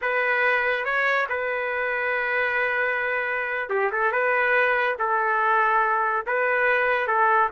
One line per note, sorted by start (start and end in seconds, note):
0.01 0.84 B4
0.84 1.27 C#5
1.29 3.69 B4
3.69 3.90 G4
3.92 4.12 A4
4.12 4.96 B4
4.99 6.25 A4
6.26 7.07 B4
7.07 7.49 A4